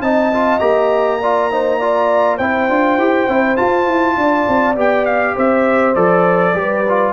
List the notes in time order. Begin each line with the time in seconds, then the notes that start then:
0.00 C4 D#4 D#5 A5
0.33 F4
0.59 A#3 G4 A#5
1.21 F4 D5
1.51 D#4 C5
1.79 F4 D5
2.37 C4 E4 C5 G5
2.69 D4 F4
2.98 E4 G4
3.28 C4 E4
3.56 F4 A5
3.87 E4
4.17 D4 D5
4.48 C4
4.75 B3 G4 G5
5.05 F5
5.35 C4 C5 E5
5.95 F3 A4 D5
6.54 G3 G4 B4
6.88 F4